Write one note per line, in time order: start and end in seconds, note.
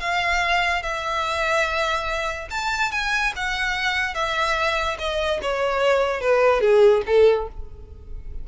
0.00 0.82 F5
0.82 2.48 E5
2.50 2.91 A5
2.91 3.33 G#5
3.36 4.15 F#5
4.15 4.97 E5
4.99 5.40 D#5
5.42 6.21 C#5
6.21 6.61 B4
6.61 7.02 G#4
7.06 7.48 A4